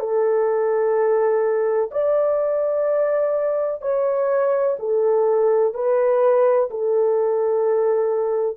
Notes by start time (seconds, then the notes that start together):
0.00 A4
1.92 D5
3.82 C#5
4.79 A4
5.74 B4
6.71 A4